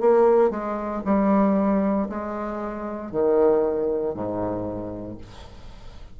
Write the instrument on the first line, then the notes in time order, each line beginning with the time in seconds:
bassoon
0.00 A#3
0.50 G#3
1.05 G3
2.09 G#3
3.11 D#3
4.14 G#2